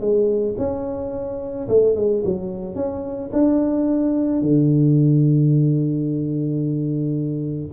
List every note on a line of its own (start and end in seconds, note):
0.00 0.55 G#3
0.58 1.68 C#4
1.68 1.95 A3
1.95 2.23 G#3
2.24 2.75 F#3
2.75 3.30 C#4
3.33 4.41 D4
4.41 7.72 D3